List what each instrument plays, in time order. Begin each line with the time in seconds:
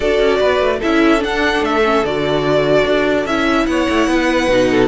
0.00 cello D4, viola F#4, violin A4 D5
0.19 cello C#4
0.40 cello B3, violin B4
0.60 cello A3
0.79 cello C#4, viola E4, violin A4 E5
1.19 viola D4, cello D4, violin F#5
1.61 cello A3, violin E5
1.83 viola C#4
2.04 cello D3, viola F#4, violin D5
2.84 cello D4
3.25 cello C#4, viola E4, violin E5
3.66 cello B3, violin C#5 F#5
3.89 cello A3
4.07 cello B3, violin B4
4.48 cello B2, viola D#4
4.70 violin A4